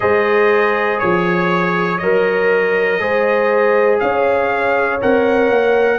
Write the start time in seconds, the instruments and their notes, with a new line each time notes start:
0.00 tuba G#3, trombone G#4, horn C5, trumpet D#5
0.99 tuba F3, trumpet C#5, horn C#5
1.98 tuba F#3, trombone A#4, trumpet D#5
2.99 tuba G#3, trombone G#4, horn C5
3.99 tuba C#4, horn C#5, trumpet F5
5.01 tuba C4, trombone A#4, trumpet F#5
5.49 tuba A#3